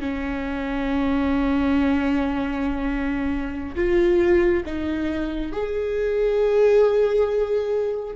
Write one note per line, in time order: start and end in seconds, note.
0.00 3.75 C#4
3.75 4.64 F4
4.65 5.52 D#4
5.52 8.16 G#4